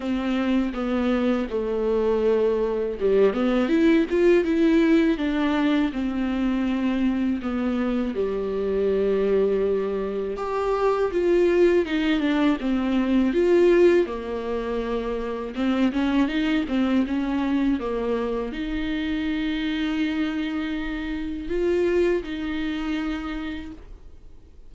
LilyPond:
\new Staff \with { instrumentName = "viola" } { \time 4/4 \tempo 4 = 81 c'4 b4 a2 | g8 b8 e'8 f'8 e'4 d'4 | c'2 b4 g4~ | g2 g'4 f'4 |
dis'8 d'8 c'4 f'4 ais4~ | ais4 c'8 cis'8 dis'8 c'8 cis'4 | ais4 dis'2.~ | dis'4 f'4 dis'2 | }